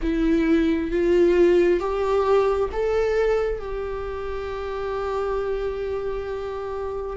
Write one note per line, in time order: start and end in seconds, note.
0.02 0.91 E4
0.91 1.80 F4
1.80 2.69 G4
2.72 3.58 A4
3.58 7.16 G4